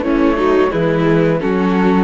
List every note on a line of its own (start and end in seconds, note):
0.00 0.37 E3
0.00 0.68 A3
0.00 0.36 C#4
0.00 0.71 C#5
0.36 0.71 F#3
0.36 0.70 D#4
0.71 1.42 E3
0.71 1.39 G#3
0.71 1.39 E4
0.71 1.39 B4
1.40 2.04 F#3
1.40 2.04 C#4
1.40 2.04 F#4
1.40 2.04 A4